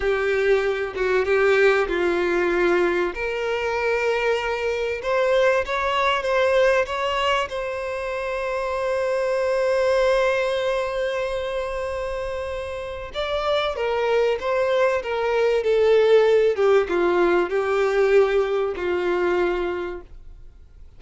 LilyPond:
\new Staff \with { instrumentName = "violin" } { \time 4/4 \tempo 4 = 96 g'4. fis'8 g'4 f'4~ | f'4 ais'2. | c''4 cis''4 c''4 cis''4 | c''1~ |
c''1~ | c''4 d''4 ais'4 c''4 | ais'4 a'4. g'8 f'4 | g'2 f'2 | }